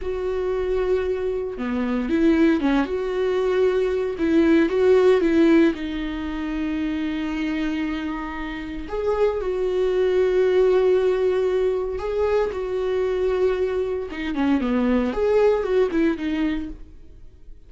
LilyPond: \new Staff \with { instrumentName = "viola" } { \time 4/4 \tempo 4 = 115 fis'2. b4 | e'4 cis'8 fis'2~ fis'8 | e'4 fis'4 e'4 dis'4~ | dis'1~ |
dis'4 gis'4 fis'2~ | fis'2. gis'4 | fis'2. dis'8 cis'8 | b4 gis'4 fis'8 e'8 dis'4 | }